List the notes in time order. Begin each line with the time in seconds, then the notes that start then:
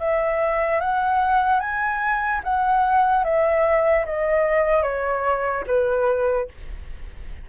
0.00 E5
0.81 F#5
1.60 G#5
2.44 F#5
3.24 E5
4.06 D#5
4.83 C#5
5.67 B4